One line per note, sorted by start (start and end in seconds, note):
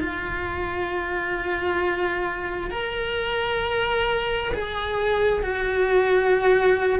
0.00 2.71 F4
2.71 4.53 A#4
4.54 5.43 G#4
5.43 7.00 F#4